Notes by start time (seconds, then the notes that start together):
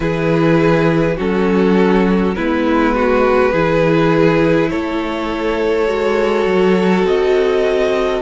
0.00 E3 E4 G#4 B4
1.16 F#3 C#4 F#4 A4
2.35 G#3 B3 E4 B4
2.95 F#4
3.51 E3 E4 G#4
4.70 A3 A4 C#5
5.87 G#3 F#4
6.45 F#3
7.04 C4 D#5